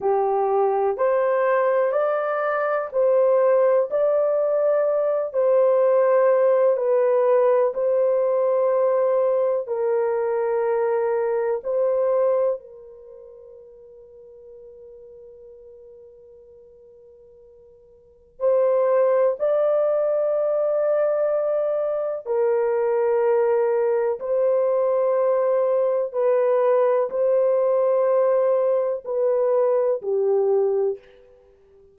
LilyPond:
\new Staff \with { instrumentName = "horn" } { \time 4/4 \tempo 4 = 62 g'4 c''4 d''4 c''4 | d''4. c''4. b'4 | c''2 ais'2 | c''4 ais'2.~ |
ais'2. c''4 | d''2. ais'4~ | ais'4 c''2 b'4 | c''2 b'4 g'4 | }